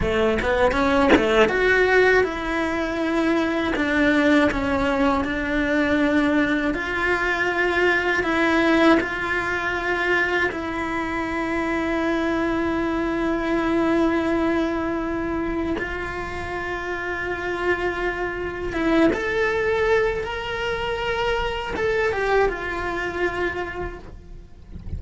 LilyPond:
\new Staff \with { instrumentName = "cello" } { \time 4/4 \tempo 4 = 80 a8 b8 cis'8 a8 fis'4 e'4~ | e'4 d'4 cis'4 d'4~ | d'4 f'2 e'4 | f'2 e'2~ |
e'1~ | e'4 f'2.~ | f'4 e'8 a'4. ais'4~ | ais'4 a'8 g'8 f'2 | }